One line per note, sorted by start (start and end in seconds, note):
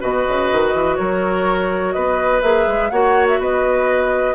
0.00 0.27 B2
0.00 2.42 F#4
0.00 0.97 B4
0.00 0.96 D#5
0.28 0.52 C#3
0.52 0.74 D#3
0.74 0.99 E3
0.96 1.96 F#3
0.96 1.95 A#4
0.96 1.93 C#5
1.93 2.43 B3
1.93 2.92 B4
1.93 2.41 D#5
2.42 2.67 A#3
2.42 2.91 G#4
2.42 2.90 E5
2.68 2.92 G#3
2.90 3.39 A#3
2.90 4.35 F#4
2.90 3.40 C#5
2.90 3.27 F#5
3.29 3.41 E5
3.39 4.35 B3
3.39 4.35 B4
3.39 4.35 D#5